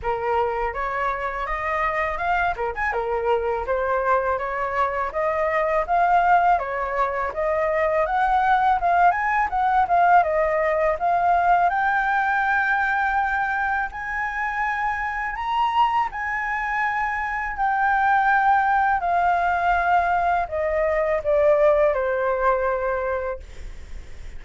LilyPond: \new Staff \with { instrumentName = "flute" } { \time 4/4 \tempo 4 = 82 ais'4 cis''4 dis''4 f''8 ais'16 gis''16 | ais'4 c''4 cis''4 dis''4 | f''4 cis''4 dis''4 fis''4 | f''8 gis''8 fis''8 f''8 dis''4 f''4 |
g''2. gis''4~ | gis''4 ais''4 gis''2 | g''2 f''2 | dis''4 d''4 c''2 | }